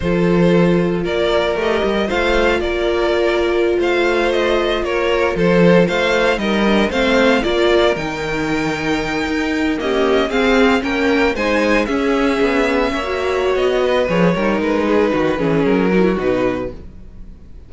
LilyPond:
<<
  \new Staff \with { instrumentName = "violin" } { \time 4/4 \tempo 4 = 115 c''2 d''4 dis''4 | f''4 d''2~ d''16 f''8.~ | f''16 dis''4 cis''4 c''4 f''8.~ | f''16 dis''4 f''4 d''4 g''8.~ |
g''2~ g''8. dis''4 f''16~ | f''8. g''4 gis''4 e''4~ e''16~ | e''2 dis''4 cis''4 | b'2 ais'4 b'4 | }
  \new Staff \with { instrumentName = "violin" } { \time 4/4 a'2 ais'2 | c''4 ais'2~ ais'16 c''8.~ | c''4~ c''16 ais'4 a'4 c''8.~ | c''16 ais'4 c''4 ais'4.~ ais'16~ |
ais'2~ ais'8. g'4 gis'16~ | gis'8. ais'4 c''4 gis'4~ gis'16~ | gis'8. cis''4.~ cis''16 b'4 ais'8~ | ais'8 gis'8 fis'8 gis'4 fis'4. | }
  \new Staff \with { instrumentName = "viola" } { \time 4/4 f'2. g'4 | f'1~ | f'1~ | f'16 dis'8 d'8 c'4 f'4 dis'8.~ |
dis'2~ dis'8. ais4 c'16~ | c'8. cis'4 dis'4 cis'4~ cis'16~ | cis'4 fis'2 gis'8 dis'8~ | dis'4. cis'4 dis'16 e'16 dis'4 | }
  \new Staff \with { instrumentName = "cello" } { \time 4/4 f2 ais4 a8 g8 | a4 ais2~ ais16 a8.~ | a4~ a16 ais4 f4 a8.~ | a16 g4 a4 ais4 dis8.~ |
dis4.~ dis16 dis'4 cis'4 c'16~ | c'8. ais4 gis4 cis'4 b16~ | b8. ais4~ ais16 b4 f8 g8 | gis4 dis8 e8 fis4 b,4 | }
>>